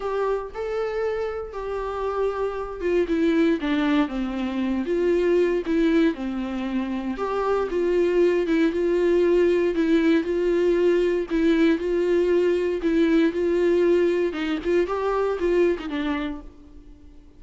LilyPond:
\new Staff \with { instrumentName = "viola" } { \time 4/4 \tempo 4 = 117 g'4 a'2 g'4~ | g'4. f'8 e'4 d'4 | c'4. f'4. e'4 | c'2 g'4 f'4~ |
f'8 e'8 f'2 e'4 | f'2 e'4 f'4~ | f'4 e'4 f'2 | dis'8 f'8 g'4 f'8. dis'16 d'4 | }